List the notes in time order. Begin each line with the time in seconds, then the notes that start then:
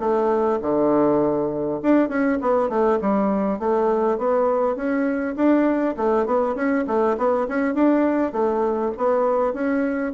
0.00 A3
0.62 D3
1.83 D4
2.09 C#4
2.42 B3
2.69 A3
3.01 G3
3.59 A3
4.19 B3
4.76 C#4
5.36 D4
5.97 A3
6.26 B3
6.56 C#4
6.87 A3
7.18 B3
7.48 C#4
7.75 D4
8.33 A3
8.98 B3
9.54 C#4